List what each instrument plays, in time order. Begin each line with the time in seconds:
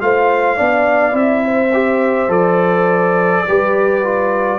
0.00 tuba A3, trombone F4, horn C5, trumpet F5
0.56 tuba B3, trombone D4, horn D5
1.11 tuba C4, trombone E4, trumpet E5
1.44 horn C5
1.73 trombone G4
2.28 tuba F3, trombone A4, trumpet D5
3.47 tuba G3, trombone G4, horn B4
4.04 trombone F4